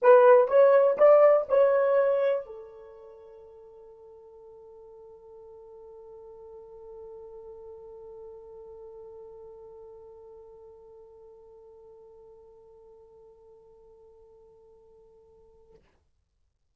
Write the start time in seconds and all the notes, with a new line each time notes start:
0.02 B4
0.48 C#5
0.97 D5
1.49 C#5
2.46 A4